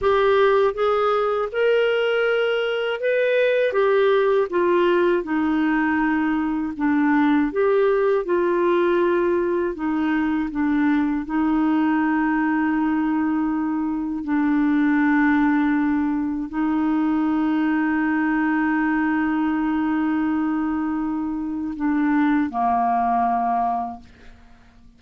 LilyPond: \new Staff \with { instrumentName = "clarinet" } { \time 4/4 \tempo 4 = 80 g'4 gis'4 ais'2 | b'4 g'4 f'4 dis'4~ | dis'4 d'4 g'4 f'4~ | f'4 dis'4 d'4 dis'4~ |
dis'2. d'4~ | d'2 dis'2~ | dis'1~ | dis'4 d'4 ais2 | }